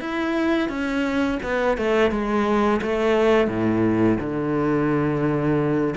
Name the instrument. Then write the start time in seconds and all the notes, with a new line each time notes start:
cello
0.00 E4
0.69 C#4
1.43 B3
1.77 A3
2.11 G#3
2.82 A3
3.48 A2
4.20 D3